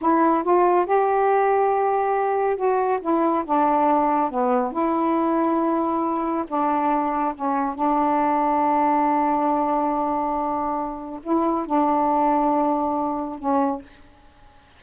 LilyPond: \new Staff \with { instrumentName = "saxophone" } { \time 4/4 \tempo 4 = 139 e'4 f'4 g'2~ | g'2 fis'4 e'4 | d'2 b4 e'4~ | e'2. d'4~ |
d'4 cis'4 d'2~ | d'1~ | d'2 e'4 d'4~ | d'2. cis'4 | }